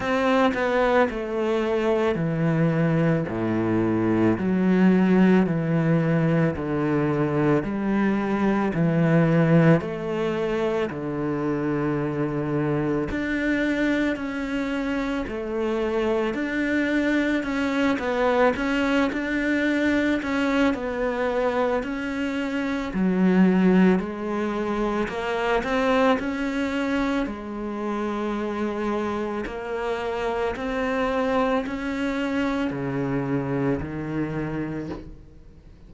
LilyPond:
\new Staff \with { instrumentName = "cello" } { \time 4/4 \tempo 4 = 55 c'8 b8 a4 e4 a,4 | fis4 e4 d4 g4 | e4 a4 d2 | d'4 cis'4 a4 d'4 |
cis'8 b8 cis'8 d'4 cis'8 b4 | cis'4 fis4 gis4 ais8 c'8 | cis'4 gis2 ais4 | c'4 cis'4 cis4 dis4 | }